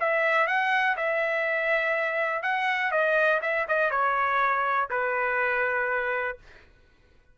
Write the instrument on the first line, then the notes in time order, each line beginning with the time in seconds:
trumpet
0.00 E5
0.47 F#5
0.97 E5
2.43 F#5
2.92 D#5
3.42 E5
3.68 D#5
3.91 C#5
4.90 B4